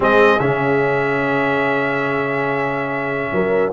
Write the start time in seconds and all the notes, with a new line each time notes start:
0.00 G#3 C4 G#4 D#5
0.39 C#3 C#4 E5
3.32 F#3 A#4